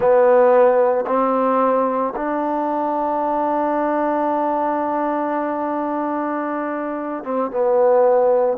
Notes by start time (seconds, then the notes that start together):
0.00 B3
1.06 C4
2.15 D4
7.24 C4
7.50 B3